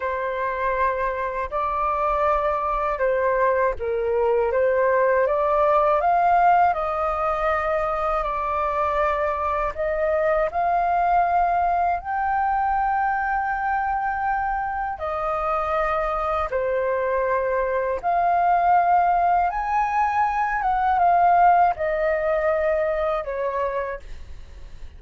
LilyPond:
\new Staff \with { instrumentName = "flute" } { \time 4/4 \tempo 4 = 80 c''2 d''2 | c''4 ais'4 c''4 d''4 | f''4 dis''2 d''4~ | d''4 dis''4 f''2 |
g''1 | dis''2 c''2 | f''2 gis''4. fis''8 | f''4 dis''2 cis''4 | }